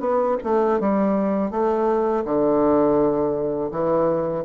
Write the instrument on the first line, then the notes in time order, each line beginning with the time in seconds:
bassoon
0.00 B3
0.43 A3
0.80 G3
1.51 A3
2.25 D3
3.71 E3